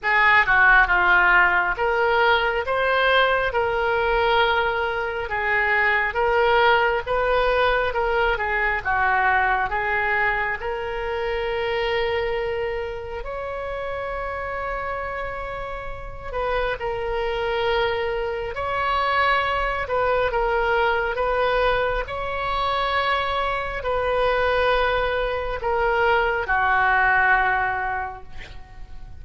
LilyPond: \new Staff \with { instrumentName = "oboe" } { \time 4/4 \tempo 4 = 68 gis'8 fis'8 f'4 ais'4 c''4 | ais'2 gis'4 ais'4 | b'4 ais'8 gis'8 fis'4 gis'4 | ais'2. cis''4~ |
cis''2~ cis''8 b'8 ais'4~ | ais'4 cis''4. b'8 ais'4 | b'4 cis''2 b'4~ | b'4 ais'4 fis'2 | }